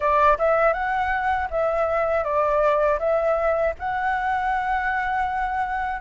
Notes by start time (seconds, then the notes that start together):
0.00 D5
0.38 E5
0.73 F#5
1.50 E5
2.23 D5
2.99 E5
3.79 F#5